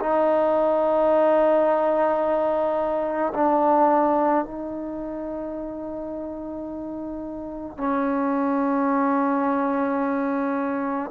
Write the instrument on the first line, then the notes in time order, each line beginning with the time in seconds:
trombone
0.00 D#4
3.34 D4
4.45 D#4
7.77 C#4